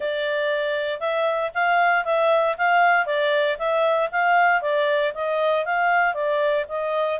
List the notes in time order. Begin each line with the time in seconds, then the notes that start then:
0.00 D5
1.00 E5
1.54 F5
2.05 E5
2.57 F5
3.06 D5
3.58 E5
4.11 F5
4.61 D5
5.14 D#5
5.65 F5
6.14 D5
6.68 D#5